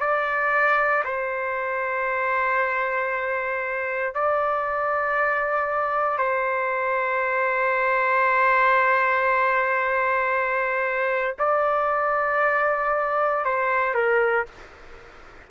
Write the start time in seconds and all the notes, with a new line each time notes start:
0.00 D5
1.04 C5
4.14 D5
6.18 C5
11.39 D5
13.45 C5
13.94 A#4